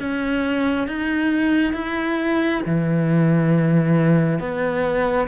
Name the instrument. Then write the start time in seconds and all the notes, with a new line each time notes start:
cello
0.00 C#4
0.88 D#4
1.74 E4
2.66 E3
4.40 B3